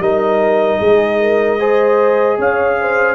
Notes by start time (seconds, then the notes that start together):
0.00 G3 D#4 A#4 D#5
0.79 G#3 G#4
1.21 A#4
1.59 G#4 C5
2.39 C#4 C#5 F5
2.80 C5